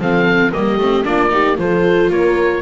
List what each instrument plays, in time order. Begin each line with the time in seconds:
0.00 double bass F3, viola C4, horn A4, oboe F5
0.52 double bass G3, viola A#3, horn G4, oboe D#5
0.78 double bass A3, viola C4
1.05 double bass A#3, viola D4, horn F4, oboe D5
1.30 viola D#4, horn G4
1.57 double bass F3, viola F4, horn A4, oboe C5
2.10 double bass A#3, horn A#4, oboe C#5